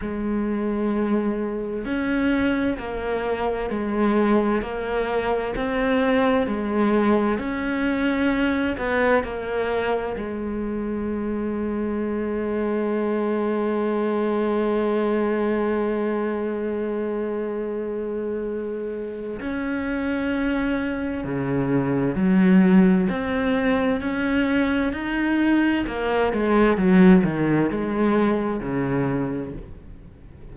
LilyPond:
\new Staff \with { instrumentName = "cello" } { \time 4/4 \tempo 4 = 65 gis2 cis'4 ais4 | gis4 ais4 c'4 gis4 | cis'4. b8 ais4 gis4~ | gis1~ |
gis1~ | gis4 cis'2 cis4 | fis4 c'4 cis'4 dis'4 | ais8 gis8 fis8 dis8 gis4 cis4 | }